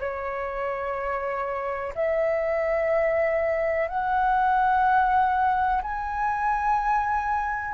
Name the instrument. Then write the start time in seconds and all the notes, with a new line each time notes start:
flute
0.00 C#5
1.96 E5
3.88 F#5
5.83 G#5